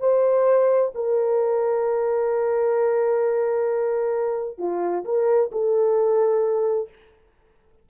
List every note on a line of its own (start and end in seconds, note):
0.00 0.92 C5
0.95 4.59 A#4
4.59 5.04 F4
5.05 5.51 A#4
5.52 6.89 A4